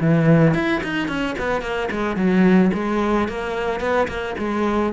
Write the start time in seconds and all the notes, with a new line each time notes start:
0.00 E3
0.54 E4
0.83 D#4
1.08 C#4
1.38 B3
1.61 A#3
1.91 G#3
2.16 F#3
2.73 G#3
3.28 A#3
3.80 B3
4.08 A#3
4.38 G#3